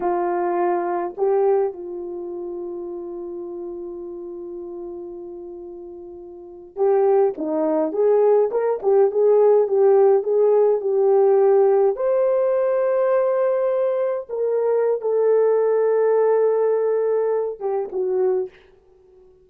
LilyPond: \new Staff \with { instrumentName = "horn" } { \time 4/4 \tempo 4 = 104 f'2 g'4 f'4~ | f'1~ | f'2.~ f'8. g'16~ | g'8. dis'4 gis'4 ais'8 g'8 gis'16~ |
gis'8. g'4 gis'4 g'4~ g'16~ | g'8. c''2.~ c''16~ | c''8. ais'4~ ais'16 a'2~ | a'2~ a'8 g'8 fis'4 | }